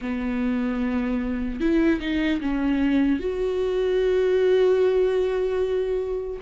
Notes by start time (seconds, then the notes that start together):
0.01 B3
1.60 E4
2.00 D#4
2.40 C#4
3.19 F#4